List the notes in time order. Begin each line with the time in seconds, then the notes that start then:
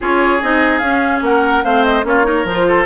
0.00 C#4 F4 G#4 C#5
0.41 C4 D#4 D#5
0.78 C#4 F5
1.21 A#3 A#4 F#5
1.64 A3 C4 C5 F5
1.84 D#5
2.03 A#3 C#4 F4 C#5
2.23 D#4 A#4
2.44 F3 C5
2.51 F4
2.67 A4